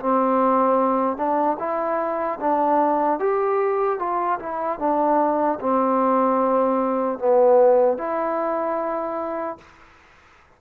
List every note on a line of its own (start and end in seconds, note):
0.00 1.17 C4
1.17 1.57 D4
1.59 2.39 E4
2.40 3.20 D4
3.20 3.99 G4
3.99 4.39 F4
4.40 4.79 E4
4.79 5.59 D4
5.60 7.19 C4
7.19 7.98 B3
7.98 9.58 E4